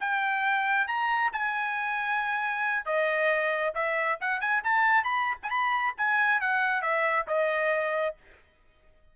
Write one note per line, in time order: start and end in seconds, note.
0.00 0.87 G5
0.87 1.31 A#5
1.32 2.85 G#5
2.85 3.73 D#5
3.74 4.19 E5
4.20 4.41 F#5
4.41 4.63 G#5
4.63 5.04 A5
5.04 5.37 B5
5.42 5.50 G#5
5.50 5.94 B5
5.97 6.41 G#5
6.41 6.81 F#5
6.81 7.26 E5
7.27 8.15 D#5